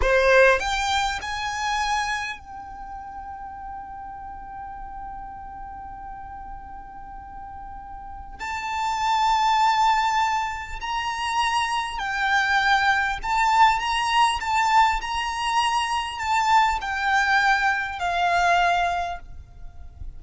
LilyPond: \new Staff \with { instrumentName = "violin" } { \time 4/4 \tempo 4 = 100 c''4 g''4 gis''2 | g''1~ | g''1~ | g''2 a''2~ |
a''2 ais''2 | g''2 a''4 ais''4 | a''4 ais''2 a''4 | g''2 f''2 | }